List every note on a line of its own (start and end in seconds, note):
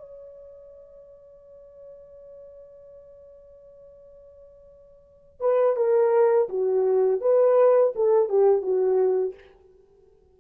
0.00 5.41 C#5
5.41 5.77 B4
5.77 6.49 A#4
6.50 7.22 F#4
7.22 7.94 B4
7.96 8.29 A4
8.29 8.63 G4
8.63 9.35 F#4